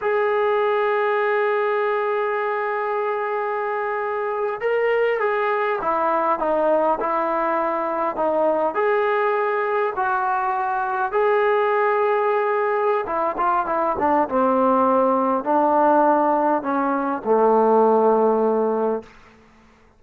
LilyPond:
\new Staff \with { instrumentName = "trombone" } { \time 4/4 \tempo 4 = 101 gis'1~ | gis'2.~ gis'8. ais'16~ | ais'8. gis'4 e'4 dis'4 e'16~ | e'4.~ e'16 dis'4 gis'4~ gis'16~ |
gis'8. fis'2 gis'4~ gis'16~ | gis'2 e'8 f'8 e'8 d'8 | c'2 d'2 | cis'4 a2. | }